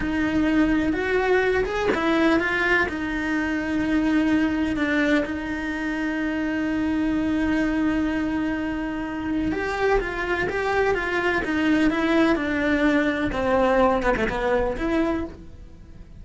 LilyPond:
\new Staff \with { instrumentName = "cello" } { \time 4/4 \tempo 4 = 126 dis'2 fis'4. gis'8 | e'4 f'4 dis'2~ | dis'2 d'4 dis'4~ | dis'1~ |
dis'1 | g'4 f'4 g'4 f'4 | dis'4 e'4 d'2 | c'4. b16 a16 b4 e'4 | }